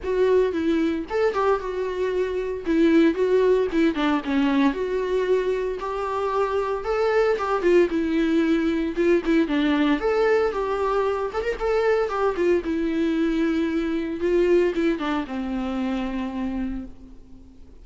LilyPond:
\new Staff \with { instrumentName = "viola" } { \time 4/4 \tempo 4 = 114 fis'4 e'4 a'8 g'8 fis'4~ | fis'4 e'4 fis'4 e'8 d'8 | cis'4 fis'2 g'4~ | g'4 a'4 g'8 f'8 e'4~ |
e'4 f'8 e'8 d'4 a'4 | g'4. a'16 ais'16 a'4 g'8 f'8 | e'2. f'4 | e'8 d'8 c'2. | }